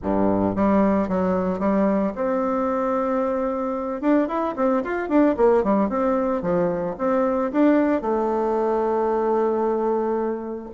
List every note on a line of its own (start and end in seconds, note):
0.02 0.55 G2
0.55 1.08 G3
1.08 1.59 F#3
1.59 2.12 G3
2.15 4.01 C4
4.01 4.28 D4
4.28 4.54 E4
4.56 4.82 C4
4.83 5.08 F4
5.08 5.35 D4
5.36 5.63 A#3
5.63 5.89 G3
5.89 6.42 C4
6.42 6.95 F3
6.97 7.51 C4
7.51 8.01 D4
8.01 10.69 A3